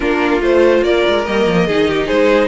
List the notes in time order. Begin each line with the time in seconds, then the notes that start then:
0.00 A#3 D4 F4 A#4
0.41 A3 F4 C5
0.82 A#3 A#4 D5
1.07 G#3
1.25 G3 A#3 D#5
1.46 F3
1.67 D#3 D#4 G#4
1.87 G4
2.06 G#3 G#4 C5